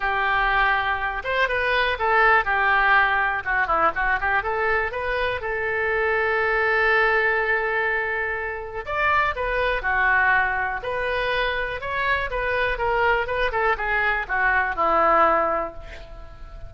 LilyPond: \new Staff \with { instrumentName = "oboe" } { \time 4/4 \tempo 4 = 122 g'2~ g'8 c''8 b'4 | a'4 g'2 fis'8 e'8 | fis'8 g'8 a'4 b'4 a'4~ | a'1~ |
a'2 d''4 b'4 | fis'2 b'2 | cis''4 b'4 ais'4 b'8 a'8 | gis'4 fis'4 e'2 | }